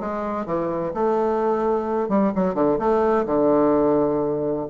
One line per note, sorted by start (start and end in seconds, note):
0.00 0.46 G#3
0.46 0.92 E3
0.94 2.09 A3
2.09 2.32 G3
2.35 2.54 F#3
2.54 2.78 D3
2.78 3.25 A3
3.26 4.66 D3